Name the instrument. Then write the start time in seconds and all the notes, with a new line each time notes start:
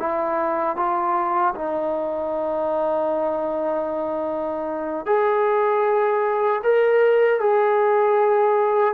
trombone
0.00 E4
0.77 F4
1.55 D#4
5.06 G#4
6.64 A#4
7.40 G#4